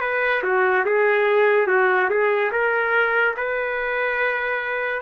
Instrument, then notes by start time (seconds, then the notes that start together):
trumpet
0.00 B4
0.43 F#4
0.85 G#4
1.67 F#4
2.09 G#4
2.52 A#4
3.37 B4